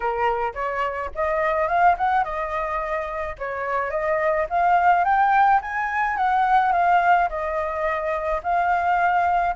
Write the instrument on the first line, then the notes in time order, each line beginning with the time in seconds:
flute
0.00 A#4
0.54 C#5
1.14 D#5
1.67 F5
1.97 F#5
2.24 D#5
3.38 C#5
3.90 D#5
4.49 F5
5.04 G5
5.61 G#5
6.17 F#5
6.72 F5
7.29 D#5
8.43 F5